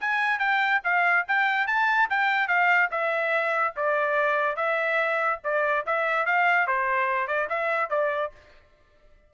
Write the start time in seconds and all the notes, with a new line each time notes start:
0.00 G#5
0.39 G5
0.84 F5
1.28 G5
1.67 A5
2.10 G5
2.48 F5
2.91 E5
3.76 D5
4.56 E5
5.44 D5
5.86 E5
6.26 F5
6.67 C5
7.28 D5
7.49 E5
7.90 D5